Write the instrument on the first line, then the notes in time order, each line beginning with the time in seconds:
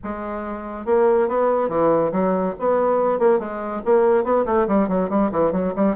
bassoon
0.03 G#3
0.85 A#3
1.28 B3
1.68 E3
2.12 F#3
2.59 B3
3.19 A#3
3.39 G#3
3.85 A#3
4.24 B3
4.45 A3
4.67 G3
4.88 F#3
5.09 G3
5.31 E3
5.52 F#3
5.75 G3